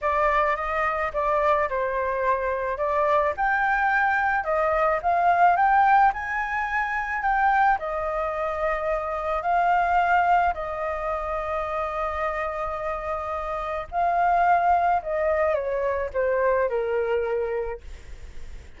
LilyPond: \new Staff \with { instrumentName = "flute" } { \time 4/4 \tempo 4 = 108 d''4 dis''4 d''4 c''4~ | c''4 d''4 g''2 | dis''4 f''4 g''4 gis''4~ | gis''4 g''4 dis''2~ |
dis''4 f''2 dis''4~ | dis''1~ | dis''4 f''2 dis''4 | cis''4 c''4 ais'2 | }